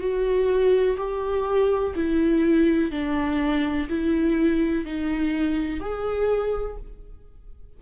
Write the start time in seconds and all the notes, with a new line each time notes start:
0.00 F#4
0.97 G4
1.95 E4
2.91 D4
3.89 E4
4.85 D#4
5.80 G#4